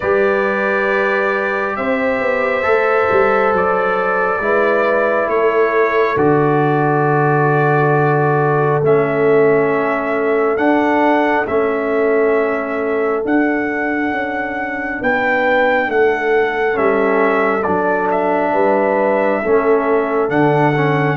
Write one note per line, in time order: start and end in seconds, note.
0.00 1.77 G3
0.00 2.62 G4
0.00 1.75 B4
0.00 1.76 D5
1.76 2.20 C4
1.76 4.42 C5
1.76 3.52 E5
2.20 2.63 B3
2.62 3.07 A3
2.62 4.39 A4
3.11 3.52 G3
3.52 4.38 F#3
3.52 5.29 D5
4.38 5.27 G#3
4.38 6.17 E4
4.38 5.31 B4
5.27 6.16 A3
5.27 15.01 A4
5.27 6.17 C#5
6.16 8.81 D3
6.16 8.82 F#4
6.16 8.82 D5
8.82 10.56 A3
8.82 10.57 C#4
8.82 10.57 E5
10.56 11.44 D4
10.56 11.45 D4
10.56 11.45 F#5
11.47 13.24 A3
11.47 13.23 C#4
11.47 13.23 E5
13.23 16.72 D4
13.23 14.11 D4
13.23 15.02 F#5
14.11 14.99 C#4
15.01 15.88 B3
15.01 15.88 B4
15.01 15.90 G5
15.88 16.76 A3
15.88 18.52 A4
15.88 16.77 F#5
16.72 17.65 G3
16.72 17.61 C#4
16.72 17.62 E5
17.62 18.53 F#3
17.62 19.43 D4
17.62 18.07 D5
18.11 20.29 E5
18.52 19.41 G3
18.52 19.40 B4
19.41 20.29 A3
19.41 20.28 C#4
19.41 21.16 A4
20.28 21.16 D3
20.28 20.72 D4
20.28 21.16 F#5
20.76 21.16 C#4